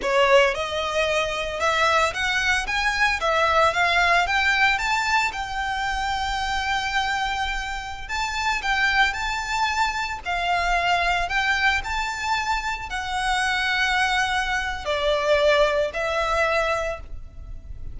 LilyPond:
\new Staff \with { instrumentName = "violin" } { \time 4/4 \tempo 4 = 113 cis''4 dis''2 e''4 | fis''4 gis''4 e''4 f''4 | g''4 a''4 g''2~ | g''2.~ g''16 a''8.~ |
a''16 g''4 a''2 f''8.~ | f''4~ f''16 g''4 a''4.~ a''16~ | a''16 fis''2.~ fis''8. | d''2 e''2 | }